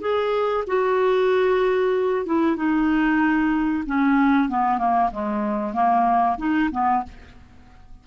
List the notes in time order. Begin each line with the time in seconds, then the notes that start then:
0.00 G#4
0.67 F#4
2.25 E4
2.56 D#4
3.86 C#4
4.49 B3
4.78 A#3
5.11 G#3
5.73 A#3
6.37 D#4
6.71 B3